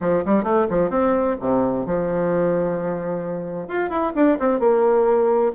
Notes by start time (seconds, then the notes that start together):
0.00 F3
0.25 G3
0.43 A3
0.69 F3
0.89 C4
1.40 C3
1.86 F3
3.68 F4
3.89 E4
4.15 D4
4.39 C4
4.59 A#3